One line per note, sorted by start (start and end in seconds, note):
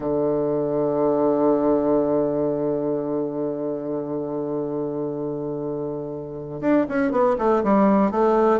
0.00 6.61 D3
6.61 6.86 D4
6.89 7.11 C#4
7.11 7.36 B3
7.38 7.63 A3
7.63 8.11 G3
8.11 8.60 A3